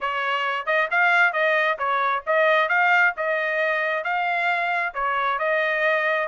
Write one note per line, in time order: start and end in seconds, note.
0.00 0.66 C#5
0.66 0.88 D#5
0.91 1.32 F5
1.32 1.77 D#5
1.78 2.23 C#5
2.26 2.68 D#5
2.68 3.13 F5
3.16 4.04 D#5
4.04 4.93 F5
4.94 5.39 C#5
5.39 6.27 D#5